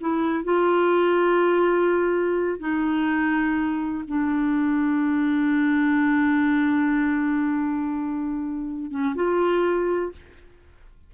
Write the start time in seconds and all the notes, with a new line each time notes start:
0.00 E4
0.44 F4
2.59 D#4
4.07 D4
8.90 C#4
9.15 F4